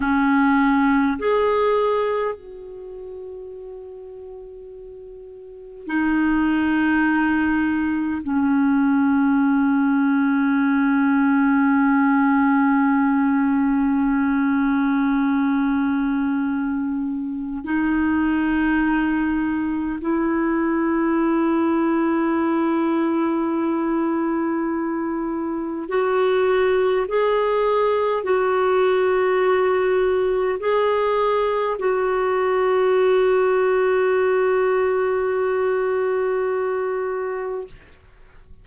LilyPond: \new Staff \with { instrumentName = "clarinet" } { \time 4/4 \tempo 4 = 51 cis'4 gis'4 fis'2~ | fis'4 dis'2 cis'4~ | cis'1~ | cis'2. dis'4~ |
dis'4 e'2.~ | e'2 fis'4 gis'4 | fis'2 gis'4 fis'4~ | fis'1 | }